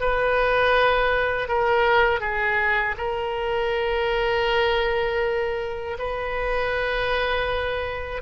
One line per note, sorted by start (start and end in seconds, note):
0.00 1.48 B4
1.48 2.20 A#4
2.20 2.95 G#4
2.97 5.97 A#4
5.99 8.22 B4